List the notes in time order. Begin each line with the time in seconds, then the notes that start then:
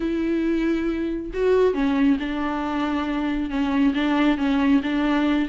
0.00 E4
1.33 F#4
1.74 C#4
2.19 D4
3.50 C#4
3.94 D4
4.37 C#4
4.82 D4